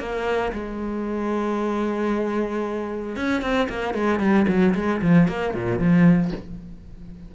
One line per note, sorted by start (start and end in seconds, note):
0.00 0.53 A#3
0.53 3.16 G#3
3.17 3.42 C#4
3.42 3.68 C4
3.70 3.94 A#3
3.94 4.20 G#3
4.20 4.46 G3
4.49 4.75 F#3
4.75 5.01 G#3
5.02 5.28 F3
5.28 5.55 A#3
5.55 5.79 A#2
5.79 6.32 F3